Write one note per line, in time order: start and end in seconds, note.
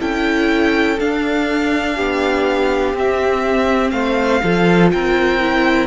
0.00 0.99 C#4
0.00 0.98 E4
0.00 1.97 A4
0.00 1.00 G5
0.99 2.95 D4
0.99 1.99 D4
0.99 2.97 F5
1.97 2.94 B3
1.97 3.93 G4
2.94 3.92 C4
2.94 4.43 C4
2.94 3.91 E5
3.91 4.41 A3
3.91 4.42 C5
3.91 4.89 F5
4.44 4.93 F3
4.44 5.41 F4
4.44 4.93 A4
4.92 5.88 C4
4.92 5.88 A#4
4.92 5.88 G5
5.41 5.88 E4